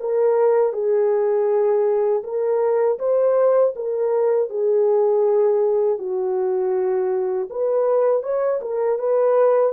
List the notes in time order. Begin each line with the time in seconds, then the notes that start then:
0.00 A#4
0.73 G#4
2.24 A#4
2.99 C5
3.76 A#4
4.50 G#4
5.99 F#4
7.50 B4
8.23 C#5
8.61 A#4
8.99 B4